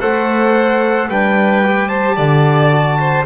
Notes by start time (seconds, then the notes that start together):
0.00 A3 A4 C5 F#5
1.09 G3 D4 B4 G5
1.64 G4
1.89 C5 A5
2.16 D3 D5
2.72 F#4
3.00 C5